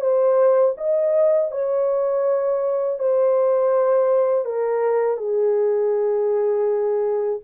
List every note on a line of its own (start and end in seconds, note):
0.00 0.74 C5
0.77 1.51 D#5
1.51 2.99 C#5
2.99 4.45 C5
4.45 5.17 A#4
5.17 7.39 G#4